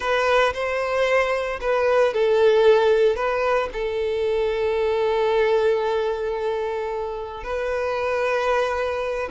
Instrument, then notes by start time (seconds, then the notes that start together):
violin
0.00 B4
0.53 C5
1.60 B4
2.13 A4
3.16 B4
3.72 A4
7.43 B4